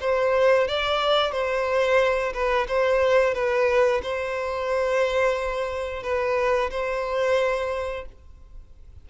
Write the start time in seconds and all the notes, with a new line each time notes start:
0.00 C5
0.67 D5
1.31 C5
2.33 B4
2.68 C5
3.34 B4
4.02 C5
6.03 B4
6.70 C5